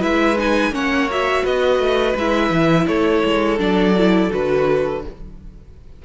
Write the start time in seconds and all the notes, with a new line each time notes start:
0.00 G#3 E4 B4 E5
0.38 D#4 G#5
0.71 A#3 C#4 C#5 F#5
1.10 F#4 E5
1.43 B3 B4 D#5
1.79 A3
2.15 G#3 E4 E5
2.50 E3
2.87 A3 A4 C#5
3.24 G#3
3.58 F#3 D4 D5
3.98 E4
4.30 D3 F#4 B4